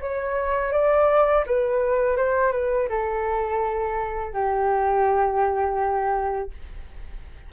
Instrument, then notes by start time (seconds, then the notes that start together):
flute
0.00 C#5
0.72 D5
1.46 B4
2.17 C5
2.52 B4
2.88 A4
4.33 G4